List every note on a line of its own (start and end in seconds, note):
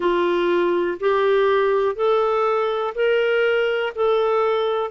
0.00 0.97 F4
1.00 1.95 G4
1.95 2.94 A4
2.94 3.93 A#4
3.95 4.90 A4